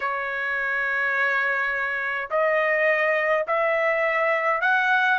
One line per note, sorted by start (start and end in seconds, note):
0.00 2.29 C#5
2.30 3.46 D#5
3.47 4.61 E5
4.61 5.19 F#5